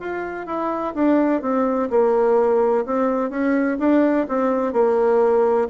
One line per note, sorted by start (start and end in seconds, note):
0.00 0.47 F4
0.47 0.94 E4
0.95 1.42 D4
1.42 1.90 C4
1.90 2.86 A#3
2.86 3.30 C4
3.30 3.78 C#4
3.79 4.27 D4
4.29 4.73 C4
4.73 5.68 A#3